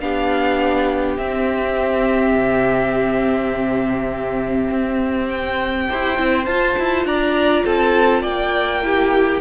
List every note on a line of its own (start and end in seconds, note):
0.00 1.18 B3
0.00 1.18 D4
0.00 5.90 G4
0.00 1.17 F5
1.17 2.35 C4
1.17 5.88 C4
1.17 5.28 E5
2.35 4.70 C3
4.70 5.88 C4
5.28 6.45 G5
5.89 6.18 E4
5.89 6.15 G4
5.89 7.07 C5
6.15 6.47 C4
6.15 6.44 E4
6.45 6.76 F4
6.45 8.82 F4
6.45 7.04 A5
6.78 7.04 E4
7.04 7.63 D4
7.04 7.65 D5
7.04 7.65 A#5
7.65 8.23 C4
7.65 8.22 A4
7.65 8.23 A5
8.22 9.41 A#3
8.22 8.80 D5
8.22 9.41 G5
8.82 9.41 E4
8.82 9.41 G4